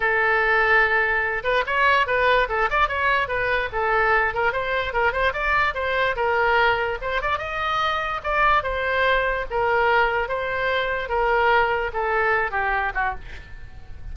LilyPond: \new Staff \with { instrumentName = "oboe" } { \time 4/4 \tempo 4 = 146 a'2.~ a'8 b'8 | cis''4 b'4 a'8 d''8 cis''4 | b'4 a'4. ais'8 c''4 | ais'8 c''8 d''4 c''4 ais'4~ |
ais'4 c''8 d''8 dis''2 | d''4 c''2 ais'4~ | ais'4 c''2 ais'4~ | ais'4 a'4. g'4 fis'8 | }